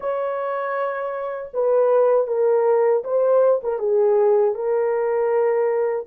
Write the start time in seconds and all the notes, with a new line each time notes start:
0.00 C#5
1.53 B4
2.27 A#4
3.04 C5
3.63 A#4
3.78 G#4
4.54 A#4